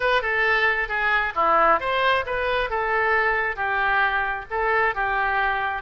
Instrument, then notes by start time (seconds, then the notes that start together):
oboe
0.00 B4
0.22 A4
0.88 G#4
1.35 E4
1.80 C5
2.26 B4
2.69 A4
3.55 G4
4.50 A4
4.94 G4